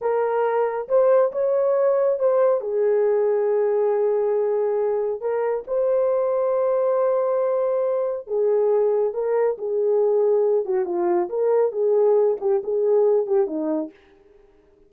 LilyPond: \new Staff \with { instrumentName = "horn" } { \time 4/4 \tempo 4 = 138 ais'2 c''4 cis''4~ | cis''4 c''4 gis'2~ | gis'1 | ais'4 c''2.~ |
c''2. gis'4~ | gis'4 ais'4 gis'2~ | gis'8 fis'8 f'4 ais'4 gis'4~ | gis'8 g'8 gis'4. g'8 dis'4 | }